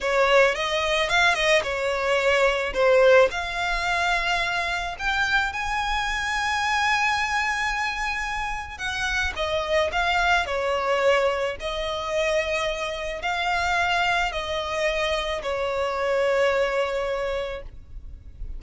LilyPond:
\new Staff \with { instrumentName = "violin" } { \time 4/4 \tempo 4 = 109 cis''4 dis''4 f''8 dis''8 cis''4~ | cis''4 c''4 f''2~ | f''4 g''4 gis''2~ | gis''1 |
fis''4 dis''4 f''4 cis''4~ | cis''4 dis''2. | f''2 dis''2 | cis''1 | }